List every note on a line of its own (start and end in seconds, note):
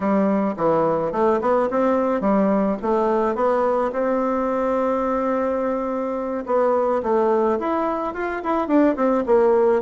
0.00 0.55 G3
0.56 1.12 E3
1.12 1.40 A3
1.41 1.69 B3
1.70 2.20 C4
2.20 2.76 G3
2.82 3.35 A3
3.35 3.91 B3
3.92 6.44 C4
6.46 7.02 B3
7.02 7.58 A3
7.59 8.13 E4
8.13 8.41 F4
8.43 8.67 E4
8.67 8.95 D4
8.96 9.24 C4
9.26 9.82 A#3